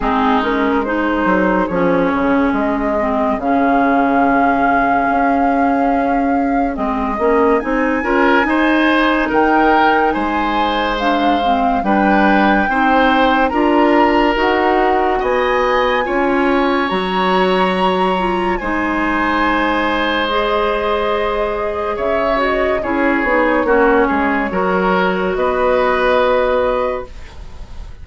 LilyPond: <<
  \new Staff \with { instrumentName = "flute" } { \time 4/4 \tempo 4 = 71 gis'8 ais'8 c''4 cis''4 dis''4 | f''1 | dis''4 gis''2 g''4 | gis''4 f''4 g''2 |
ais''4 fis''4 gis''2 | ais''2 gis''2 | dis''2 e''8 dis''8 cis''4~ | cis''2 dis''2 | }
  \new Staff \with { instrumentName = "oboe" } { \time 4/4 dis'4 gis'2.~ | gis'1~ | gis'4. ais'8 c''4 ais'4 | c''2 b'4 c''4 |
ais'2 dis''4 cis''4~ | cis''2 c''2~ | c''2 cis''4 gis'4 | fis'8 gis'8 ais'4 b'2 | }
  \new Staff \with { instrumentName = "clarinet" } { \time 4/4 c'8 cis'8 dis'4 cis'4. c'8 | cis'1 | c'8 cis'8 dis'8 f'8 dis'2~ | dis'4 d'8 c'8 d'4 dis'4 |
f'4 fis'2 f'4 | fis'4. f'8 dis'2 | gis'2~ gis'8 fis'8 e'8 dis'8 | cis'4 fis'2. | }
  \new Staff \with { instrumentName = "bassoon" } { \time 4/4 gis4. fis8 f8 cis8 gis4 | cis2 cis'2 | gis8 ais8 c'8 cis'8 dis'4 dis4 | gis2 g4 c'4 |
d'4 dis'4 b4 cis'4 | fis2 gis2~ | gis2 cis4 cis'8 b8 | ais8 gis8 fis4 b2 | }
>>